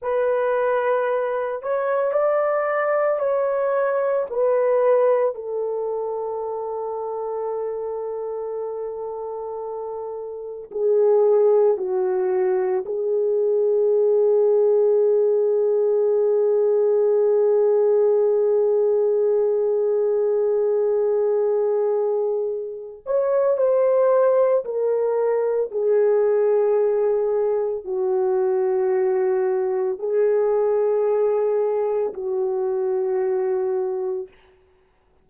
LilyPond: \new Staff \with { instrumentName = "horn" } { \time 4/4 \tempo 4 = 56 b'4. cis''8 d''4 cis''4 | b'4 a'2.~ | a'2 gis'4 fis'4 | gis'1~ |
gis'1~ | gis'4. cis''8 c''4 ais'4 | gis'2 fis'2 | gis'2 fis'2 | }